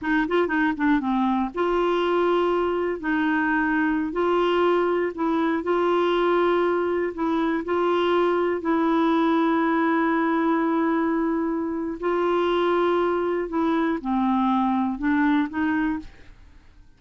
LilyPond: \new Staff \with { instrumentName = "clarinet" } { \time 4/4 \tempo 4 = 120 dis'8 f'8 dis'8 d'8 c'4 f'4~ | f'2 dis'2~ | dis'16 f'2 e'4 f'8.~ | f'2~ f'16 e'4 f'8.~ |
f'4~ f'16 e'2~ e'8.~ | e'1 | f'2. e'4 | c'2 d'4 dis'4 | }